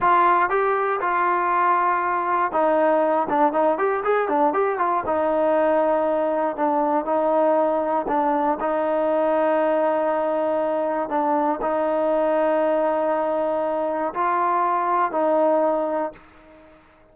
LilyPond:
\new Staff \with { instrumentName = "trombone" } { \time 4/4 \tempo 4 = 119 f'4 g'4 f'2~ | f'4 dis'4. d'8 dis'8 g'8 | gis'8 d'8 g'8 f'8 dis'2~ | dis'4 d'4 dis'2 |
d'4 dis'2.~ | dis'2 d'4 dis'4~ | dis'1 | f'2 dis'2 | }